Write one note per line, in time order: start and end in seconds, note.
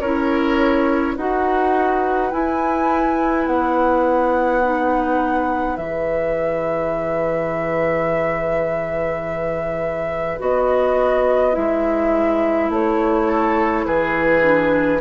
0.00 1.15 C#4
0.00 1.17 E4
0.00 1.15 A#4
0.00 1.15 C#5
1.15 2.32 D#4
1.15 2.31 F#4
1.15 13.26 B4
1.15 2.31 F#5
2.31 4.62 E4
2.31 3.46 E4
2.31 3.46 G#5
3.46 5.77 B3
3.46 5.76 F#5
4.63 5.78 D#4
5.76 10.39 E3
5.76 10.38 G#4
5.76 10.38 E5
10.38 11.56 B3
10.38 11.52 F#4
10.38 11.55 D#5
11.52 12.69 G#3
11.52 14.40 E4
11.52 12.70 E5
12.69 13.85 A3
12.69 13.85 C#5
13.27 13.85 A4
13.85 15.01 E3
13.85 15.01 G#4
13.85 15.01 B4
14.41 14.98 D4